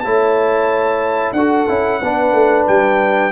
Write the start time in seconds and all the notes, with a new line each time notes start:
0.00 A3 E4 C#5 A5
1.32 D4 F#4 A4 F#5
1.68 C#4 E4
2.01 B3 D4 B4
2.33 A3
2.67 G3 G5